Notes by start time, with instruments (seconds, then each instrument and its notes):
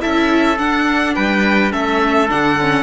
0.00 cello C#4, viola E4, trumpet A4, violin E5
0.58 viola D4, cello D4, violin F#5
1.15 cello G3, trumpet B4, violin G5
1.71 cello A3, viola C#4, trumpet A4, violin E5
2.28 cello D3, viola D4, violin F#5
2.61 viola C#4